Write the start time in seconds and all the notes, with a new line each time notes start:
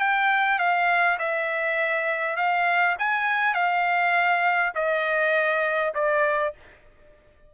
0.00 G5
0.59 F5
1.19 E5
2.37 F5
2.99 G#5
3.54 F5
4.75 D#5
5.95 D5